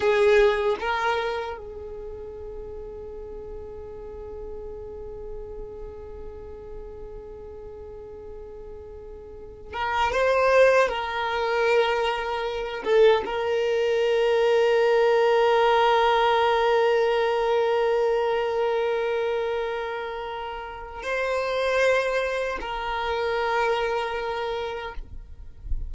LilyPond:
\new Staff \with { instrumentName = "violin" } { \time 4/4 \tempo 4 = 77 gis'4 ais'4 gis'2~ | gis'1~ | gis'1~ | gis'8 ais'8 c''4 ais'2~ |
ais'8 a'8 ais'2.~ | ais'1~ | ais'2. c''4~ | c''4 ais'2. | }